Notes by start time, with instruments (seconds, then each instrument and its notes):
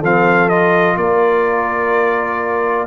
0.00 tuba F3, trombone C4, horn A4, trumpet F5
0.49 trombone F4, trumpet D#5
0.97 tuba A#3, horn A#4, trumpet D5